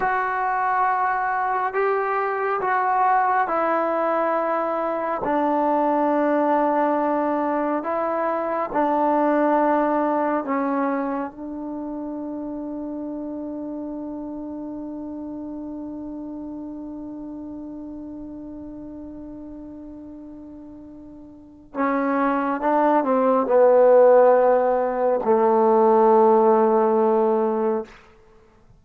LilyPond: \new Staff \with { instrumentName = "trombone" } { \time 4/4 \tempo 4 = 69 fis'2 g'4 fis'4 | e'2 d'2~ | d'4 e'4 d'2 | cis'4 d'2.~ |
d'1~ | d'1~ | d'4 cis'4 d'8 c'8 b4~ | b4 a2. | }